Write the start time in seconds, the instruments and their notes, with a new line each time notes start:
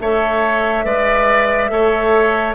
0.00 bassoon A3, clarinet A4, oboe C#5, flute E5
0.85 bassoon G#3, clarinet B4, oboe D5
1.69 bassoon A3, clarinet A4, oboe C#5